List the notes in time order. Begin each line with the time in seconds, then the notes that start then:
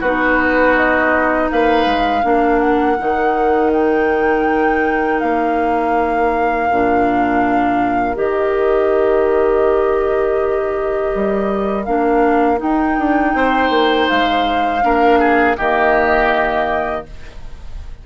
0.00 B3 D#4 F#4 B4
0.76 D#5
1.51 A#3 B4 F5
1.85 G#3
2.23 A#3 D4 A#4
2.59 F#5
2.98 D#3 D#4
3.72 G5
5.19 A#3 F5
6.71 A#2 D4
8.14 D#3 G4 D#5
11.15 G3
11.84 A#3 D4 F5
12.57 D#4 G5
12.98 D4
13.34 C4 C5
13.69 A#3
14.09 G#3 F5
14.82 A#3 D4 A#4
15.19 G#4
15.57 D#3 A#3 G4 D#5